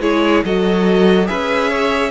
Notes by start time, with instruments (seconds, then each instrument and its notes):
0.00 cello G#3, viola E4, violin G#4 C#5
0.44 cello F#3, viola F#4, violin A4 D#5
1.26 cello C#4, viola G#4, violin B4 E5
1.69 violin C#5